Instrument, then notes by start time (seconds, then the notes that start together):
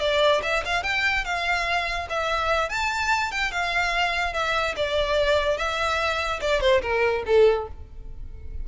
violin
0.00 D5
0.43 E5
0.65 F5
0.83 G5
1.25 F5
2.10 E5
2.69 A5
3.31 G5
3.51 F5
4.34 E5
4.76 D5
5.57 E5
6.41 D5
6.61 C5
6.82 A#4
7.26 A4